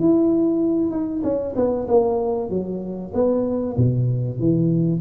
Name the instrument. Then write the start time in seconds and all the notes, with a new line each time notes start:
tuba
0.00 E4
0.91 D#4
1.24 C#4
1.56 B3
1.88 A#3
2.50 F#3
3.14 B3
3.77 B2
4.39 E3